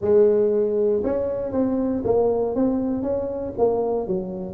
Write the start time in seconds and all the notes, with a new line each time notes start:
0.01 G#3
1.03 C#4
1.52 C4
2.04 A#3
2.55 C4
3.02 C#4
3.58 A#3
4.07 F#3